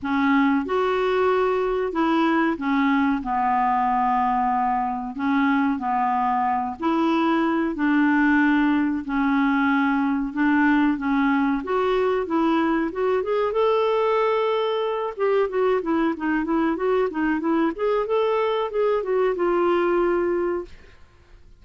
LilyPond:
\new Staff \with { instrumentName = "clarinet" } { \time 4/4 \tempo 4 = 93 cis'4 fis'2 e'4 | cis'4 b2. | cis'4 b4. e'4. | d'2 cis'2 |
d'4 cis'4 fis'4 e'4 | fis'8 gis'8 a'2~ a'8 g'8 | fis'8 e'8 dis'8 e'8 fis'8 dis'8 e'8 gis'8 | a'4 gis'8 fis'8 f'2 | }